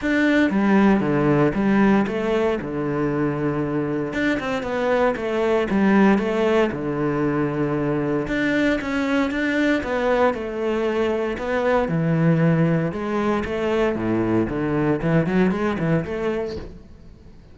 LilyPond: \new Staff \with { instrumentName = "cello" } { \time 4/4 \tempo 4 = 116 d'4 g4 d4 g4 | a4 d2. | d'8 c'8 b4 a4 g4 | a4 d2. |
d'4 cis'4 d'4 b4 | a2 b4 e4~ | e4 gis4 a4 a,4 | d4 e8 fis8 gis8 e8 a4 | }